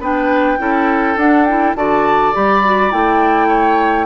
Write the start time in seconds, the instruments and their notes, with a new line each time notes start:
0.00 bassoon B3, clarinet D4, oboe B4, flute G5
0.58 bassoon C#4, clarinet E4, oboe A4
1.17 bassoon D4, clarinet D4, flute F#5
1.45 clarinet E4, flute G5
1.75 bassoon D3, clarinet F#4, oboe D5, flute A5
2.33 bassoon G3, clarinet G4, flute B5
2.64 clarinet F#4
2.91 bassoon A3, clarinet E4, flute G5
3.48 oboe C#5